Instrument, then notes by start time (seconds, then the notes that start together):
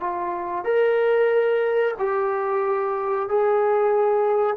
trombone
0.00 F4
0.64 A#4
1.99 G4
3.29 G#4